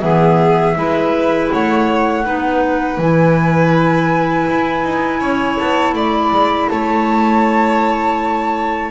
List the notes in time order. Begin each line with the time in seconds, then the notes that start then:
0.00 E3 B3 G#4 E5
0.76 G#3 E4 B4
1.52 A3 C#5 F#5
2.24 B3 D#4 B4
2.98 E3 E4 G#5
4.50 E4
4.84 D#4
5.20 C#4 C#5
5.58 B3 A5
5.94 A3 D5 B5
6.31 G#3
6.69 A3 C#5 A5